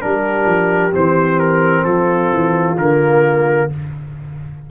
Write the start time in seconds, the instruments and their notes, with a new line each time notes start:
0.00 tuba G3, trombone D4, horn G4, trumpet A#4
0.46 tuba F3
0.92 tuba E3, trombone C4, trumpet C5
1.39 trumpet A#4
1.84 tuba F3, horn F4, trumpet A4
2.32 tuba E3
2.78 tuba D3, trombone A#3, trumpet A#4